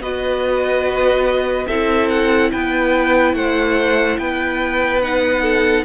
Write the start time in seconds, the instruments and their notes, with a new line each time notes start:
0.00 cello B3, viola F#4, violin B4 D#5
1.67 cello C4, viola E4, violin A4 E5
2.09 violin F#5
2.52 cello B3, violin B4 G5
3.34 cello A3, violin C5 F#5
4.18 cello B3, violin B4 G5
5.02 viola D#4, violin F#5
5.42 violin A4